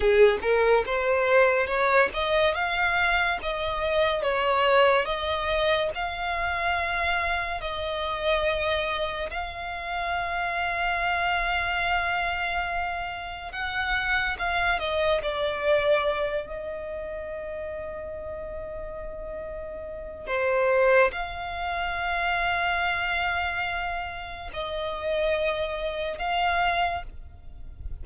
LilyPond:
\new Staff \with { instrumentName = "violin" } { \time 4/4 \tempo 4 = 71 gis'8 ais'8 c''4 cis''8 dis''8 f''4 | dis''4 cis''4 dis''4 f''4~ | f''4 dis''2 f''4~ | f''1 |
fis''4 f''8 dis''8 d''4. dis''8~ | dis''1 | c''4 f''2.~ | f''4 dis''2 f''4 | }